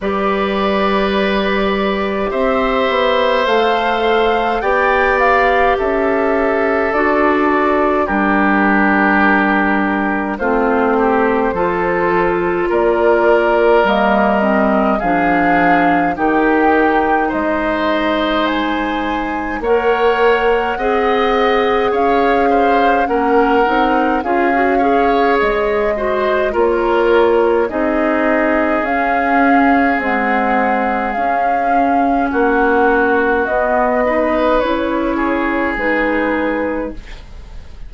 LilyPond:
<<
  \new Staff \with { instrumentName = "flute" } { \time 4/4 \tempo 4 = 52 d''2 e''4 f''4 | g''8 f''8 e''4 d''4 ais'4~ | ais'4 c''2 d''4 | dis''4 f''4 g''4 dis''4 |
gis''4 fis''2 f''4 | fis''4 f''4 dis''4 cis''4 | dis''4 f''4 fis''4 f''4 | fis''4 dis''4 cis''4 b'4 | }
  \new Staff \with { instrumentName = "oboe" } { \time 4/4 b'2 c''2 | d''4 a'2 g'4~ | g'4 f'8 g'8 a'4 ais'4~ | ais'4 gis'4 g'4 c''4~ |
c''4 cis''4 dis''4 cis''8 c''8 | ais'4 gis'8 cis''4 c''8 ais'4 | gis'1 | fis'4. b'4 gis'4. | }
  \new Staff \with { instrumentName = "clarinet" } { \time 4/4 g'2. a'4 | g'2 fis'4 d'4~ | d'4 c'4 f'2 | ais8 c'8 d'4 dis'2~ |
dis'4 ais'4 gis'2 | cis'8 dis'8 f'16 fis'16 gis'4 fis'8 f'4 | dis'4 cis'4 gis4 cis'4~ | cis'4 b8 dis'8 e'4 dis'4 | }
  \new Staff \with { instrumentName = "bassoon" } { \time 4/4 g2 c'8 b8 a4 | b4 cis'4 d'4 g4~ | g4 a4 f4 ais4 | g4 f4 dis4 gis4~ |
gis4 ais4 c'4 cis'4 | ais8 c'8 cis'4 gis4 ais4 | c'4 cis'4 c'4 cis'4 | ais4 b4 cis'4 gis4 | }
>>